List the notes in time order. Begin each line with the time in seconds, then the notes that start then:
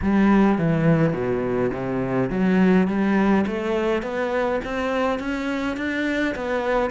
0.02 G3
0.58 E3
1.13 B2
1.72 C3
2.30 F#3
2.87 G3
3.46 A3
4.02 B3
4.64 C4
5.19 C#4
5.77 D4
6.35 B3